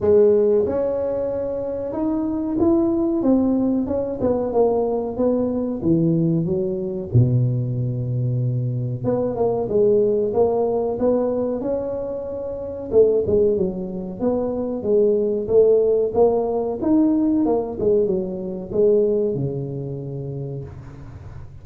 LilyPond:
\new Staff \with { instrumentName = "tuba" } { \time 4/4 \tempo 4 = 93 gis4 cis'2 dis'4 | e'4 c'4 cis'8 b8 ais4 | b4 e4 fis4 b,4~ | b,2 b8 ais8 gis4 |
ais4 b4 cis'2 | a8 gis8 fis4 b4 gis4 | a4 ais4 dis'4 ais8 gis8 | fis4 gis4 cis2 | }